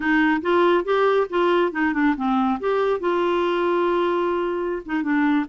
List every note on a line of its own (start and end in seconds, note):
0.00 0.41 D#4
0.41 0.84 F4
0.84 1.27 G4
1.29 1.72 F4
1.72 1.93 D#4
1.93 2.15 D4
2.16 2.59 C4
2.59 3.00 G4
3.00 4.82 F4
4.85 5.02 D#4
5.02 5.45 D4